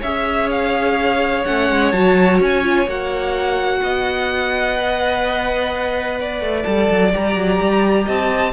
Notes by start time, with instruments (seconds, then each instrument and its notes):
0.00 cello C#4, viola G#4, violin C#5 E5
0.51 violin F5
1.45 cello A3, viola C#4, violin F#5
1.70 cello G#3
1.92 cello F#3, viola F#4, violin A5
2.40 cello C#4, violin G#5
2.63 viola F4
2.87 cello A#3, viola F#4, violin F#5
3.82 cello B3, violin D#5
4.77 viola B4
6.20 violin D5
6.41 cello A3
6.62 cello G3, viola A4, violin A5
6.90 cello F#3
7.13 cello G3, viola G4, violin A#5
7.36 cello F#3
7.60 cello G3
8.05 cello C4, violin D#5 A5